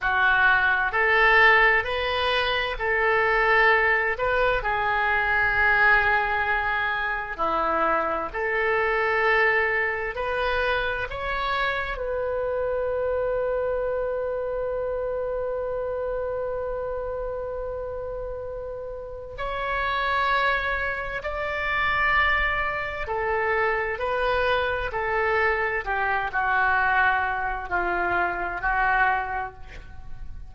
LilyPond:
\new Staff \with { instrumentName = "oboe" } { \time 4/4 \tempo 4 = 65 fis'4 a'4 b'4 a'4~ | a'8 b'8 gis'2. | e'4 a'2 b'4 | cis''4 b'2.~ |
b'1~ | b'4 cis''2 d''4~ | d''4 a'4 b'4 a'4 | g'8 fis'4. f'4 fis'4 | }